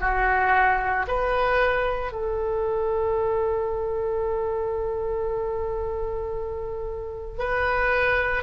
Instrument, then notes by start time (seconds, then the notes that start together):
oboe
0.00 F#4
1.07 B4
2.11 A4
7.38 B4